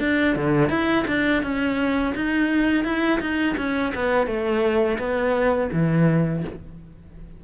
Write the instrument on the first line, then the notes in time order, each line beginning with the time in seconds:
cello
0.00 D4
0.36 D3
0.70 E4
1.07 D4
1.43 C#4
2.16 D#4
2.85 E4
3.21 D#4
3.58 C#4
3.95 B3
4.27 A3
4.99 B3
5.73 E3